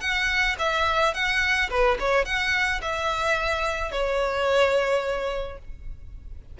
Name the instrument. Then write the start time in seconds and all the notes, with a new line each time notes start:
violin
0.00 F#5
0.58 E5
1.14 F#5
1.69 B4
1.99 C#5
2.25 F#5
2.81 E5
3.91 C#5